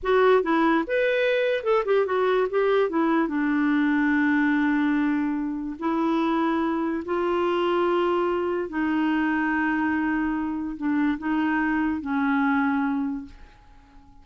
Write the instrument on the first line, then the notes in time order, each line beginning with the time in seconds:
clarinet
0.02 F#4
0.43 E4
0.87 B4
1.63 A4
1.85 G4
2.06 F#4
2.49 G4
2.89 E4
3.28 D4
5.79 E4
7.05 F4
8.69 D#4
10.76 D4
11.18 D#4
12.01 C#4